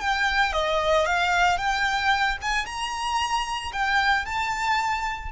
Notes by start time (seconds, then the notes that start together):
0.00 G5
0.52 D#5
1.06 F5
1.57 G5
2.42 G#5
2.65 A#5
3.72 G5
4.25 A5